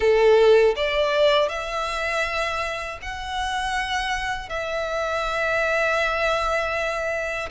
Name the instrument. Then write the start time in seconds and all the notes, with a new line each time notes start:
violin
0.00 A4
0.76 D5
1.49 E5
3.02 F#5
4.49 E5